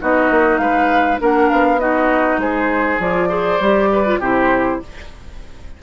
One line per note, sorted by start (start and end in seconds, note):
0.00 0.30 B3
0.00 1.19 D#4
0.00 0.60 F#4
0.00 0.58 D#5
0.30 0.58 A#3
0.58 1.18 G#3
0.58 1.20 B4
0.58 1.18 F5
1.19 1.50 A#3
1.19 1.79 D4
1.19 1.80 A#4
1.19 1.49 F#5
1.49 2.37 B3
1.49 1.79 F5
1.79 2.99 D#4
1.79 2.40 F#4
1.79 2.39 D#5
2.37 2.97 G#3
2.37 3.29 G#4
2.37 3.00 C5
2.99 3.59 F3
2.99 3.28 F4
2.99 4.21 D5
3.28 3.58 G#4
3.28 3.89 C5
3.59 4.19 G3
3.59 4.05 G4
3.92 4.19 B4
4.05 4.20 F4
4.19 4.79 C3
4.19 4.82 E4
4.19 4.79 G4
4.19 4.82 C5